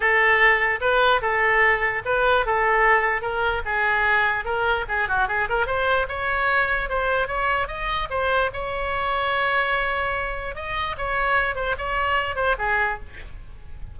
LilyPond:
\new Staff \with { instrumentName = "oboe" } { \time 4/4 \tempo 4 = 148 a'2 b'4 a'4~ | a'4 b'4 a'2 | ais'4 gis'2 ais'4 | gis'8 fis'8 gis'8 ais'8 c''4 cis''4~ |
cis''4 c''4 cis''4 dis''4 | c''4 cis''2.~ | cis''2 dis''4 cis''4~ | cis''8 c''8 cis''4. c''8 gis'4 | }